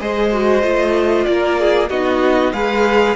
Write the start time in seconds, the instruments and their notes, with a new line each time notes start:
0.00 cello G#3, viola G#4, violin C5 D#5
0.33 viola F#4
0.63 cello A3, viola F4
1.26 cello A#3, violin D5
1.33 violin A#4
1.60 violin G#4
1.90 cello B3, viola D#4, violin F#4 D#5
2.53 cello G#3, viola G#4, violin B4 F5